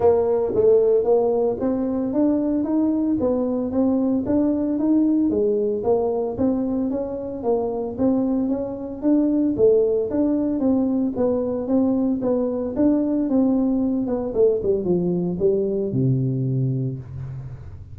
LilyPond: \new Staff \with { instrumentName = "tuba" } { \time 4/4 \tempo 4 = 113 ais4 a4 ais4 c'4 | d'4 dis'4 b4 c'4 | d'4 dis'4 gis4 ais4 | c'4 cis'4 ais4 c'4 |
cis'4 d'4 a4 d'4 | c'4 b4 c'4 b4 | d'4 c'4. b8 a8 g8 | f4 g4 c2 | }